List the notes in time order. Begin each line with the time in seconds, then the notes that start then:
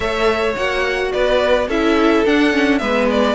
0.00 A3 A4 C#5 E5
0.55 A#3 F#4 F#5
1.12 B3 B4 D5
1.68 C#4 E4 A4 E5
2.25 D4 F#5
2.51 C#4
2.78 G#3 B3 B4 E5
3.10 D5